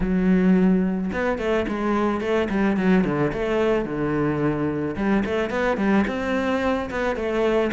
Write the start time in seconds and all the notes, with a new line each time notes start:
0.00 F#3
1.12 B3
1.38 A3
1.67 G#3
2.20 A3
2.49 G3
2.76 F#3
3.04 D3
3.33 A3
3.85 D3
4.96 G3
5.25 A3
5.50 B3
5.77 G3
6.07 C4
6.90 B3
7.16 A3